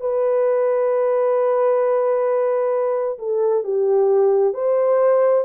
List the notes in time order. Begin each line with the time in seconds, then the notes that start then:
0.00 B4
3.19 A4
3.64 G4
4.54 C5